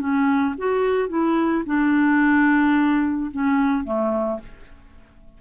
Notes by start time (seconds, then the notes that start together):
0.00 C#4
0.58 F#4
1.09 E4
1.66 D4
3.32 C#4
3.85 A3